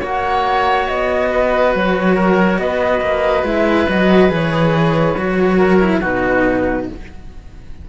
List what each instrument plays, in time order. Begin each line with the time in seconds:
0.00 cello A#3 F#4, oboe C#5, flute F#5
0.87 cello B3, flute D#5
1.31 oboe B4
1.74 cello F#3, flute C#5
2.15 oboe A#4
2.58 cello B3, oboe B4, flute D#5
3.01 cello A#3
3.43 cello G#3 E4, flute E5
3.88 cello F#3 F#4, flute D#5
4.29 cello E3 G#4, flute C#5
5.16 cello F#3 F#4
5.57 oboe A#4
5.80 cello E4
6.00 cello B2 D#4, oboe F#4, flute B4